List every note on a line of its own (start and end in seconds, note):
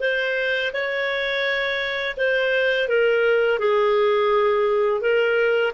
0.00 0.71 C5
0.73 2.16 C#5
2.17 2.88 C5
2.88 3.58 A#4
3.58 5.01 G#4
5.01 5.72 A#4